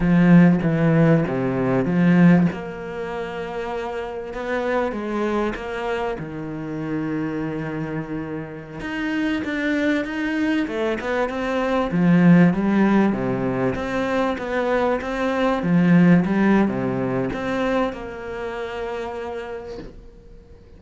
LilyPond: \new Staff \with { instrumentName = "cello" } { \time 4/4 \tempo 4 = 97 f4 e4 c4 f4 | ais2. b4 | gis4 ais4 dis2~ | dis2~ dis16 dis'4 d'8.~ |
d'16 dis'4 a8 b8 c'4 f8.~ | f16 g4 c4 c'4 b8.~ | b16 c'4 f4 g8. c4 | c'4 ais2. | }